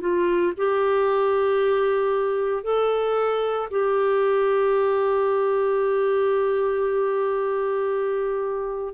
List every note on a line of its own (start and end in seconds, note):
0.00 0.53 F4
0.57 2.63 G4
2.63 3.68 A4
3.70 8.94 G4